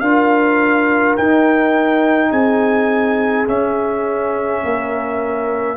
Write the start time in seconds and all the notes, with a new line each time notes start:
0.00 D4 F4 A#4 F5
1.17 D#4 G5
2.31 C4 G#4 G#5
3.47 C#4 E5
4.64 A#3 A#4